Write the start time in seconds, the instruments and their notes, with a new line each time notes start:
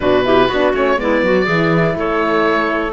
0.00 cello B2, horn D4, clarinet F#4, oboe B4
0.24 horn E4, clarinet G4
0.47 cello B3, horn D4, clarinet F#4
0.74 cello A3, horn C#4, oboe C#5
0.97 cello G#3, horn B3, clarinet E4, oboe D5
1.22 cello F#3, clarinet F#4
1.44 cello E3, horn E4, clarinet G#4
1.95 cello A3, clarinet A4, oboe C#5